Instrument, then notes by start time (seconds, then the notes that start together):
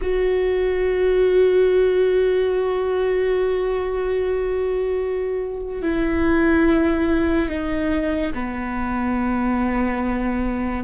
viola
0.01 F#4
5.82 E4
7.48 D#4
8.34 B3